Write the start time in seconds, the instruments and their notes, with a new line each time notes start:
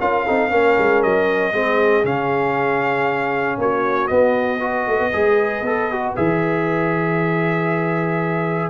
0.00 tuba C#4, trombone F4, horn A#4, trumpet F5
0.26 tuba C4, trombone D#4, horn A4
0.50 tuba A#3, trombone C#4, horn A#4
0.78 tuba G#3
1.02 tuba F#3, trumpet D#5
1.52 tuba G#3, trombone C4, horn G#4
2.04 tuba C#3, trombone C#4, trumpet F5
3.58 tuba A#3, horn F#4, trumpet C#5
4.07 trombone B3, tuba B3, trumpet D#5
4.60 trombone F#4, horn B4
4.87 tuba A3
5.00 tuba B3
5.13 tuba G#3, trombone G#4
5.62 tuba B3, trombone A4
5.92 trombone F#4
6.16 tuba E3, trombone G#4, trumpet E5